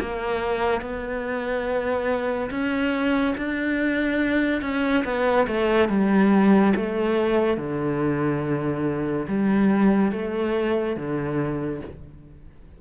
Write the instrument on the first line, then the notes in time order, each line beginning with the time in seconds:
cello
0.00 A#3
0.81 B3
2.50 C#4
3.37 D4
4.62 C#4
5.04 B3
5.47 A3
5.89 G3
6.76 A3
7.57 D3
9.28 G3
10.12 A3
10.96 D3